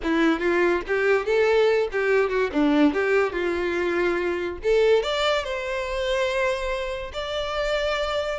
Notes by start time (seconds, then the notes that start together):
0.03 E4
0.39 F4
0.87 G4
1.25 A4
1.91 G4
2.29 F#4
2.52 D4
2.93 G4
3.32 F4
4.63 A4
5.02 D5
5.44 C5
7.13 D5